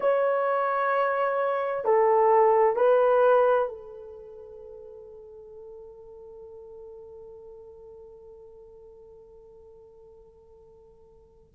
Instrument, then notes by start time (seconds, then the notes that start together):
horn
0.00 C#5
1.85 A4
2.76 B4
3.68 A4